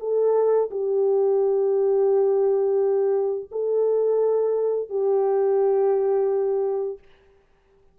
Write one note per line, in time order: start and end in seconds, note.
0.00 0.70 A4
0.70 3.49 G4
3.51 4.89 A4
4.89 6.99 G4